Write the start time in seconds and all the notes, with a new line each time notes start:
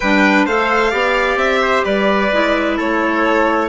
0.00 G3 D4 B4 G5
0.45 A3 A4 C5 F5
0.90 B3 G4 D5
1.36 C4 E5
1.61 C5
1.84 G3 B4 D5
2.32 G#3 E4
2.77 A3 A4 C#5